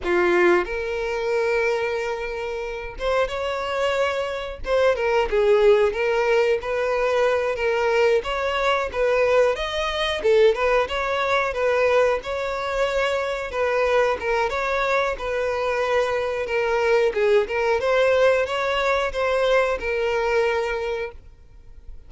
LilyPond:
\new Staff \with { instrumentName = "violin" } { \time 4/4 \tempo 4 = 91 f'4 ais'2.~ | ais'8 c''8 cis''2 c''8 ais'8 | gis'4 ais'4 b'4. ais'8~ | ais'8 cis''4 b'4 dis''4 a'8 |
b'8 cis''4 b'4 cis''4.~ | cis''8 b'4 ais'8 cis''4 b'4~ | b'4 ais'4 gis'8 ais'8 c''4 | cis''4 c''4 ais'2 | }